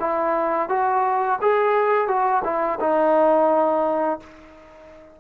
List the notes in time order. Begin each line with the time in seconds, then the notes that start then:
0.00 E4
0.69 F#4
1.42 G#4
2.08 F#4
2.45 E4
2.81 D#4